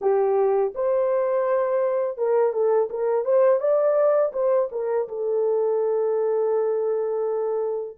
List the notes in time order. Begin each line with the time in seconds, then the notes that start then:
0.01 G4
0.74 C5
2.17 A#4
2.52 A4
2.90 A#4
3.25 C5
3.59 D5
4.32 C5
4.72 A#4
5.08 A4